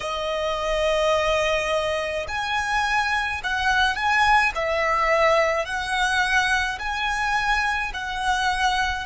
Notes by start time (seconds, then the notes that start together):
0.00 D#5
2.27 G#5
3.43 F#5
3.95 G#5
4.55 E5
5.64 F#5
6.78 G#5
7.93 F#5